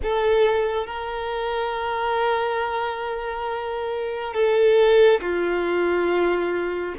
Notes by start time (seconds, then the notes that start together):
0.02 A4
0.86 A#4
4.33 A4
5.21 F4